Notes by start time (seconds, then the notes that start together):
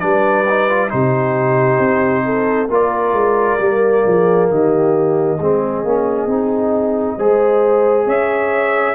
0.00 G3 D4 B4 D5
0.49 D#4
0.70 F4
0.89 C3 D#4 G4 C5
1.79 C4
2.25 A4
2.69 A#3 F4 A#4 D5
3.13 G#3
3.60 G3 A#3
4.06 F3 G#4
4.50 D#3 G4 D#5
5.38 G#3 C4 G#4
5.84 A#3 C#4
6.27 C4 D#4
7.18 G#3 G#4 C5
8.06 C#4 C#5 E5